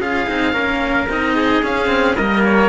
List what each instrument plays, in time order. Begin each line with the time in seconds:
0.00 cello C#4 F4, trumpet G#4, oboe F5
0.27 cello C4 D#4
0.53 cello A#3 C#4, trumpet A#4
1.09 cello C4 D#4, oboe D#5
1.36 trumpet G#4
1.63 cello C#4, oboe F5
1.87 cello C4
2.16 cello G3 A#3, trumpet A#4, oboe D#5
2.45 oboe C#5